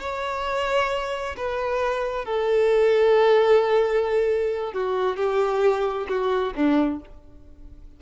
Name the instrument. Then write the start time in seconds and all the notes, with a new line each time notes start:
violin
0.00 C#5
1.36 B4
2.25 A4
4.73 F#4
5.16 G4
6.08 F#4
6.55 D4